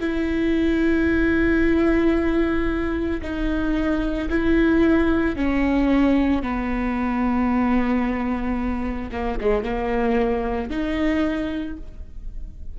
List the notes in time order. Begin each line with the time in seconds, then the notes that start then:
0.00 E4
3.22 D#4
4.30 E4
5.36 C#4
6.43 B3
9.12 A#3
9.41 G#3
9.64 A#3
10.70 D#4